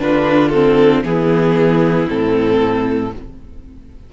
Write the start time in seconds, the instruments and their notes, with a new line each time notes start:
0.00 cello D3, viola D4, violin F4 B4
0.49 viola C4, violin A4
1.04 cello E3, viola B3, violin E4 G#4
2.08 cello A2, viola C4, violin A4